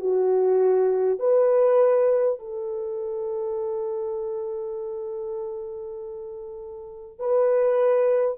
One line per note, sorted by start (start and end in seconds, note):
0.00 1.20 F#4
1.20 2.39 B4
2.39 7.19 A4
7.19 8.38 B4